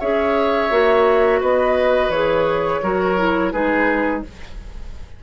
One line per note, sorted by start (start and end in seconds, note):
0.00 0.71 C#4
0.00 0.71 G#4
0.00 1.40 C#5
0.00 1.41 E5
0.71 1.41 A#3
0.71 2.12 F#4
1.40 2.09 B3
1.40 2.82 B4
1.40 2.11 D#5
2.09 2.80 E3
2.09 2.83 G#4
2.09 3.52 C#5
2.83 3.53 F#3
2.83 3.18 F#4
2.83 3.53 A#4
3.18 3.53 E4
3.52 4.24 G#3
3.52 4.24 D#4
3.52 4.24 G#4
3.52 4.22 B4